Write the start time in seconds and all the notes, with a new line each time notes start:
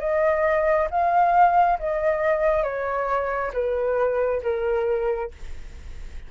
0.00 D#5
0.91 F5
1.79 D#5
2.64 C#5
3.54 B4
4.43 A#4